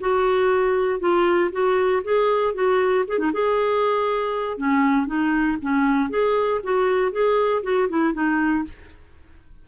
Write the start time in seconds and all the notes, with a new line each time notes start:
0.00 F#4
1.00 F4
1.52 F#4
2.04 G#4
2.54 F#4
3.08 G#4
3.18 D#4
3.33 G#4
4.57 C#4
5.06 D#4
5.62 C#4
6.10 G#4
6.64 F#4
7.12 G#4
7.63 F#4
7.89 E4
8.13 D#4